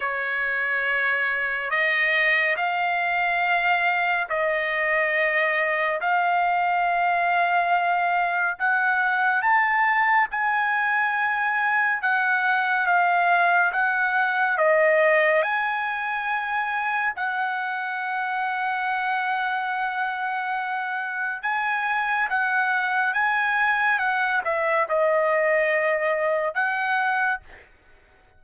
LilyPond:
\new Staff \with { instrumentName = "trumpet" } { \time 4/4 \tempo 4 = 70 cis''2 dis''4 f''4~ | f''4 dis''2 f''4~ | f''2 fis''4 a''4 | gis''2 fis''4 f''4 |
fis''4 dis''4 gis''2 | fis''1~ | fis''4 gis''4 fis''4 gis''4 | fis''8 e''8 dis''2 fis''4 | }